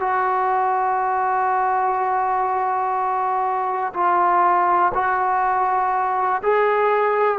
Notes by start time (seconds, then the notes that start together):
0.00 F#4
3.94 F4
4.94 F#4
6.43 G#4